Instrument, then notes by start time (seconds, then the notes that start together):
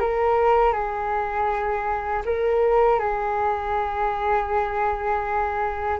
flute
0.00 A#4
0.72 G#4
2.25 A#4
2.99 G#4